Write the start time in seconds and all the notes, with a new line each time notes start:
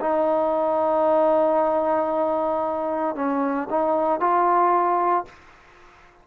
0.00 D#4
3.15 C#4
3.70 D#4
4.20 F4